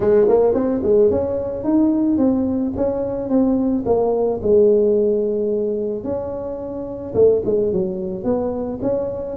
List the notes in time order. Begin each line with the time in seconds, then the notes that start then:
0.00 G#3
0.28 A#3
0.54 C4
0.83 G#3
1.10 C#4
1.64 D#4
2.17 C4
2.76 C#4
3.29 C4
3.85 A#3
4.42 G#3
6.04 C#4
7.14 A3
7.45 G#3
7.72 F#3
8.24 B3
8.82 C#4